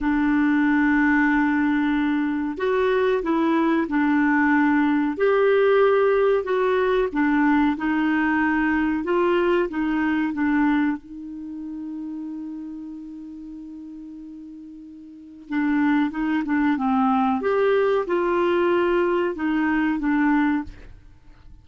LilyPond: \new Staff \with { instrumentName = "clarinet" } { \time 4/4 \tempo 4 = 93 d'1 | fis'4 e'4 d'2 | g'2 fis'4 d'4 | dis'2 f'4 dis'4 |
d'4 dis'2.~ | dis'1 | d'4 dis'8 d'8 c'4 g'4 | f'2 dis'4 d'4 | }